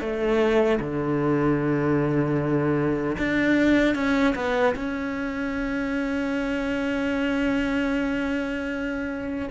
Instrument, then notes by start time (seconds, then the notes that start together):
cello
0.00 A3
0.80 D3
3.18 D4
3.94 C#4
4.35 B3
4.75 C#4